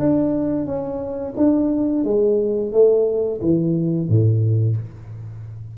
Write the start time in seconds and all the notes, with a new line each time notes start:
0.00 D4
0.66 C#4
1.37 D4
2.05 G#3
2.73 A3
3.41 E3
4.09 A2